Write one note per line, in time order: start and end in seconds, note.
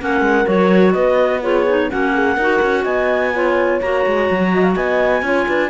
0.00 0.20 A#3
0.00 0.45 C#4
0.00 0.94 A#4
0.00 0.48 F#5
0.20 0.44 G#3
0.45 0.94 F#3
0.45 1.40 F#4
0.45 0.92 C#5
0.92 1.89 B3
0.92 1.42 B4
0.92 1.40 D#5
1.41 1.65 F4
1.41 1.89 G#4
1.41 1.90 C#5
1.68 1.90 D#4
1.89 2.36 A#3
1.89 2.38 C#4
1.89 2.13 F#4
1.89 2.84 F#5
2.14 2.36 G#4
2.36 2.60 D#4
2.36 3.33 F#4
2.36 2.83 A#4
2.62 2.85 C#4
2.83 3.80 B3
2.83 3.31 D#5
2.83 3.79 G#5
3.33 3.81 F4
3.33 4.52 C#5
3.81 4.05 A#3
3.81 5.23 F#4
3.81 4.75 A#5
4.06 4.30 G#3
4.30 4.75 F#3
4.54 4.63 D#5
4.63 4.75 F5
4.75 5.22 B3
4.75 5.24 D#5
4.75 5.69 G#5
5.22 5.46 C#4
5.22 5.69 F4
5.22 5.47 C#5
5.47 5.69 D4
5.47 5.69 B4